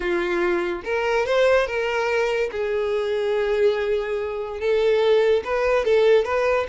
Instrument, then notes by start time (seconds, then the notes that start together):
violin
0.00 F4
0.84 A#4
1.26 C5
1.66 A#4
2.51 G#4
4.59 A4
5.44 B4
5.84 A4
6.24 B4